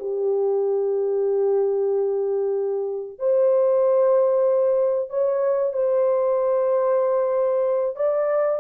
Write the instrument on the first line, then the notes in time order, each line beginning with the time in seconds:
horn
0.00 G4
3.19 C5
5.10 C#5
5.74 C5
7.96 D5